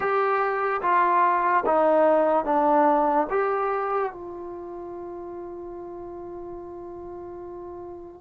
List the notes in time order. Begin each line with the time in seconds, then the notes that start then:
0.00 G4
0.81 F4
1.65 D#4
2.44 D4
3.30 G4
4.12 F4